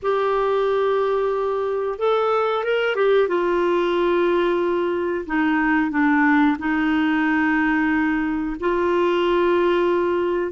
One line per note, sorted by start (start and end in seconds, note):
0.02 1.98 G4
1.98 2.64 A4
2.64 2.95 A#4
2.95 3.28 G4
3.28 5.25 F4
5.26 5.90 D#4
5.90 6.56 D4
6.58 8.56 D#4
8.60 10.52 F4